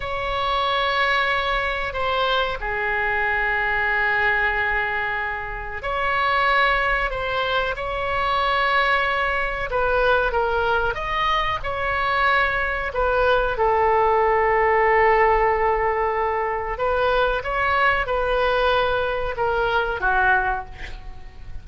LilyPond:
\new Staff \with { instrumentName = "oboe" } { \time 4/4 \tempo 4 = 93 cis''2. c''4 | gis'1~ | gis'4 cis''2 c''4 | cis''2. b'4 |
ais'4 dis''4 cis''2 | b'4 a'2.~ | a'2 b'4 cis''4 | b'2 ais'4 fis'4 | }